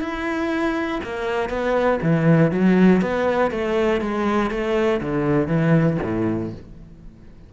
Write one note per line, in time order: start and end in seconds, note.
0.00 1.00 E4
1.03 1.49 A#3
1.49 1.99 B3
2.02 2.51 E3
2.51 3.01 F#3
3.01 3.51 B3
3.51 4.01 A3
4.01 4.50 G#3
4.50 5.00 A3
5.01 5.47 D3
5.47 5.97 E3
6.03 6.53 A2